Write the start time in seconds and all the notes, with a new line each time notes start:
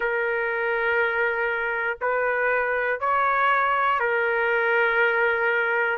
0.00 A#4
2.00 B4
3.00 C#5
3.99 A#4